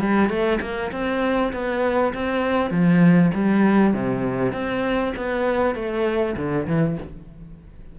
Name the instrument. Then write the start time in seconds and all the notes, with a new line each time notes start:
cello
0.00 G3
0.29 A3
0.61 A#3
0.92 C4
1.53 B3
2.14 C4
2.71 F3
3.34 G3
3.94 C3
4.53 C4
5.17 B3
5.75 A3
6.37 D3
6.67 E3